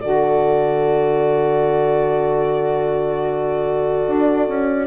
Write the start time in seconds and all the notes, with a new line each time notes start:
0.00 D3 F#4 A4 D5
4.07 D4
4.48 C#4